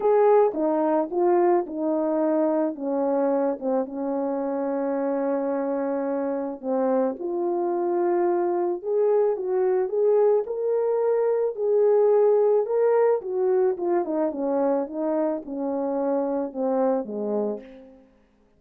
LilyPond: \new Staff \with { instrumentName = "horn" } { \time 4/4 \tempo 4 = 109 gis'4 dis'4 f'4 dis'4~ | dis'4 cis'4. c'8 cis'4~ | cis'1 | c'4 f'2. |
gis'4 fis'4 gis'4 ais'4~ | ais'4 gis'2 ais'4 | fis'4 f'8 dis'8 cis'4 dis'4 | cis'2 c'4 gis4 | }